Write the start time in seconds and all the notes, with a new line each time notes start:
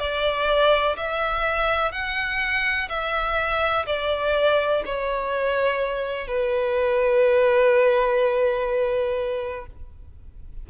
0.00 D5
0.97 E5
1.92 F#5
2.89 E5
3.87 D5
4.86 C#5
6.28 B4